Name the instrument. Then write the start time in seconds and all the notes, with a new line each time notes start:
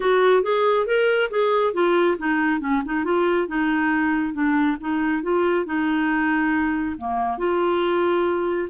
clarinet
0.00 F#4
0.42 G#4
0.86 A#4
1.30 G#4
1.73 F4
2.18 D#4
2.60 C#4
2.85 D#4
3.04 F4
3.47 D#4
4.33 D4
4.80 D#4
5.23 F4
5.65 D#4
6.97 A#3
7.37 F4